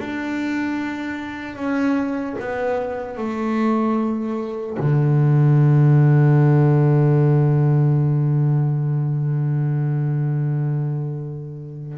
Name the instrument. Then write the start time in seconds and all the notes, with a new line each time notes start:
double bass
0.00 D4
1.56 C#4
2.40 B3
3.17 A3
4.79 D3